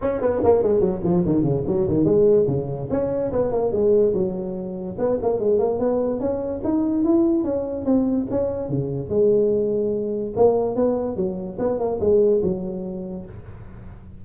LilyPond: \new Staff \with { instrumentName = "tuba" } { \time 4/4 \tempo 4 = 145 cis'8 b8 ais8 gis8 fis8 f8 dis8 cis8 | fis8 dis8 gis4 cis4 cis'4 | b8 ais8 gis4 fis2 | b8 ais8 gis8 ais8 b4 cis'4 |
dis'4 e'4 cis'4 c'4 | cis'4 cis4 gis2~ | gis4 ais4 b4 fis4 | b8 ais8 gis4 fis2 | }